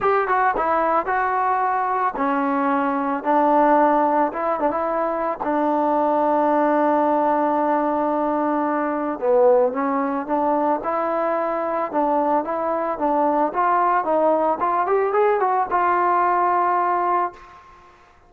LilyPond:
\new Staff \with { instrumentName = "trombone" } { \time 4/4 \tempo 4 = 111 g'8 fis'8 e'4 fis'2 | cis'2 d'2 | e'8 d'16 e'4~ e'16 d'2~ | d'1~ |
d'4 b4 cis'4 d'4 | e'2 d'4 e'4 | d'4 f'4 dis'4 f'8 g'8 | gis'8 fis'8 f'2. | }